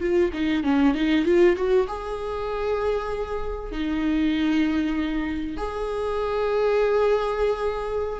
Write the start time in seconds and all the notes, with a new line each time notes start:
0.00 F4
0.33 D#4
0.63 C#4
0.94 D#4
1.25 F4
1.56 F#4
1.87 G#4
3.71 D#4
5.57 G#4